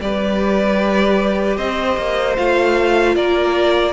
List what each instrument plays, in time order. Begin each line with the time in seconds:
0.00 cello G3, viola G4, violin B4 D5
1.57 cello C4, violin C5 D#5
1.97 cello A#3
2.36 cello A3, viola F4, violin F5
3.15 cello A#3, violin A#4 D5